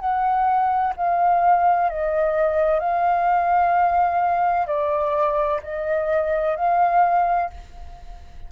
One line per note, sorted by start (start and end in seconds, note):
0.00 0.94 F#5
0.97 1.90 F5
1.90 2.80 D#5
2.80 4.67 F5
4.67 5.61 D5
5.63 6.57 D#5
6.57 7.50 F5